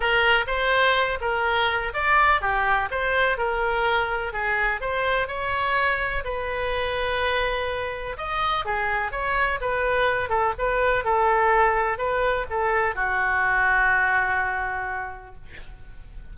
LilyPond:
\new Staff \with { instrumentName = "oboe" } { \time 4/4 \tempo 4 = 125 ais'4 c''4. ais'4. | d''4 g'4 c''4 ais'4~ | ais'4 gis'4 c''4 cis''4~ | cis''4 b'2.~ |
b'4 dis''4 gis'4 cis''4 | b'4. a'8 b'4 a'4~ | a'4 b'4 a'4 fis'4~ | fis'1 | }